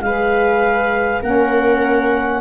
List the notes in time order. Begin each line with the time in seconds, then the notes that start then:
0.00 G#3 G#4 B4 F5
1.22 A#3 C#4 A#4 F#5